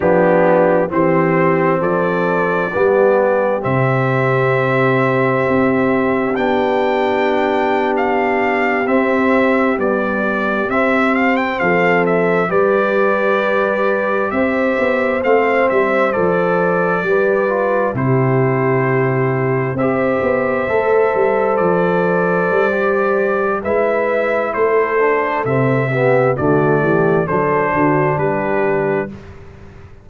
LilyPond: <<
  \new Staff \with { instrumentName = "trumpet" } { \time 4/4 \tempo 4 = 66 g'4 c''4 d''2 | e''2. g''4~ | g''8. f''4 e''4 d''4 e''16~ | e''16 f''16 g''16 f''8 e''8 d''2 e''16~ |
e''8. f''8 e''8 d''2 c''16~ | c''4.~ c''16 e''2 d''16~ | d''2 e''4 c''4 | e''4 d''4 c''4 b'4 | }
  \new Staff \with { instrumentName = "horn" } { \time 4/4 d'4 g'4 a'4 g'4~ | g'1~ | g'1~ | g'8. a'4 b'2 c''16~ |
c''2~ c''8. b'4 g'16~ | g'4.~ g'16 c''2~ c''16~ | c''2 b'4 a'4~ | a'8 g'8 fis'8 g'8 a'8 fis'8 g'4 | }
  \new Staff \with { instrumentName = "trombone" } { \time 4/4 b4 c'2 b4 | c'2. d'4~ | d'4.~ d'16 c'4 g4 c'16~ | c'4.~ c'16 g'2~ g'16~ |
g'8. c'4 a'4 g'8 f'8 e'16~ | e'4.~ e'16 g'4 a'4~ a'16~ | a'4 g'4 e'4. d'8 | c'8 b8 a4 d'2 | }
  \new Staff \with { instrumentName = "tuba" } { \time 4/4 f4 e4 f4 g4 | c2 c'4 b4~ | b4.~ b16 c'4 b4 c'16~ | c'8. f4 g2 c'16~ |
c'16 b8 a8 g8 f4 g4 c16~ | c4.~ c16 c'8 b8 a8 g8 f16~ | f8. g4~ g16 gis4 a4 | c4 d8 e8 fis8 d8 g4 | }
>>